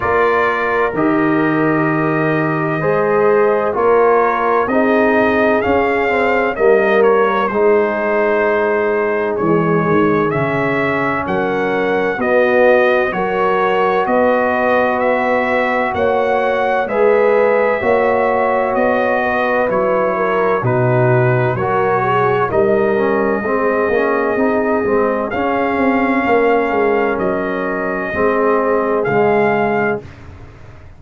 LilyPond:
<<
  \new Staff \with { instrumentName = "trumpet" } { \time 4/4 \tempo 4 = 64 d''4 dis''2. | cis''4 dis''4 f''4 dis''8 cis''8 | c''2 cis''4 e''4 | fis''4 dis''4 cis''4 dis''4 |
e''4 fis''4 e''2 | dis''4 cis''4 b'4 cis''4 | dis''2. f''4~ | f''4 dis''2 f''4 | }
  \new Staff \with { instrumentName = "horn" } { \time 4/4 ais'2. c''4 | ais'4 gis'2 ais'4 | gis'1 | ais'4 fis'4 ais'4 b'4~ |
b'4 cis''4 b'4 cis''4~ | cis''8 b'4 ais'8 fis'4 ais'8 gis'8 | ais'4 gis'2. | ais'2 gis'2 | }
  \new Staff \with { instrumentName = "trombone" } { \time 4/4 f'4 g'2 gis'4 | f'4 dis'4 cis'8 c'8 ais4 | dis'2 gis4 cis'4~ | cis'4 b4 fis'2~ |
fis'2 gis'4 fis'4~ | fis'4 e'4 dis'4 fis'4 | dis'8 cis'8 c'8 cis'8 dis'8 c'8 cis'4~ | cis'2 c'4 gis4 | }
  \new Staff \with { instrumentName = "tuba" } { \time 4/4 ais4 dis2 gis4 | ais4 c'4 cis'4 g4 | gis2 e8 dis8 cis4 | fis4 b4 fis4 b4~ |
b4 ais4 gis4 ais4 | b4 fis4 b,4 fis4 | g4 gis8 ais8 c'8 gis8 cis'8 c'8 | ais8 gis8 fis4 gis4 cis4 | }
>>